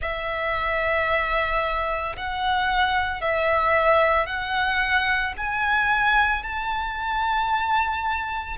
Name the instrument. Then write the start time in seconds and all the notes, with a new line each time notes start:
violin
0.01 E5
2.16 F#5
3.21 E5
4.26 F#5
5.37 G#5
6.43 A5